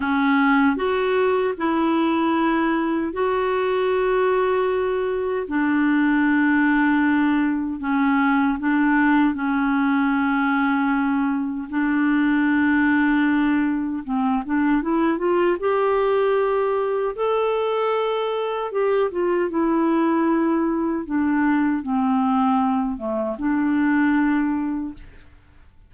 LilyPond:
\new Staff \with { instrumentName = "clarinet" } { \time 4/4 \tempo 4 = 77 cis'4 fis'4 e'2 | fis'2. d'4~ | d'2 cis'4 d'4 | cis'2. d'4~ |
d'2 c'8 d'8 e'8 f'8 | g'2 a'2 | g'8 f'8 e'2 d'4 | c'4. a8 d'2 | }